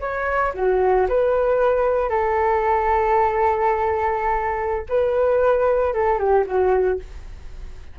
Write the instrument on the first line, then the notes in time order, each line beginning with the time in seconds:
flute
0.00 C#5
0.54 F#4
1.09 B4
2.10 A4
4.89 B4
5.94 A4
6.19 G4
6.46 F#4